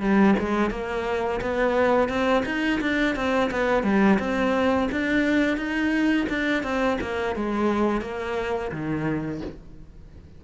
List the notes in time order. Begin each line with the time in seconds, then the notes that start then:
0.00 G3
0.39 G#3
0.71 A#3
1.41 B3
2.09 C4
2.45 D#4
2.81 D4
3.16 C4
3.51 B3
3.83 G3
4.19 C4
4.92 D4
5.57 D#4
6.29 D4
6.63 C4
7.01 A#3
7.36 G#3
8.01 A#3
8.72 D#3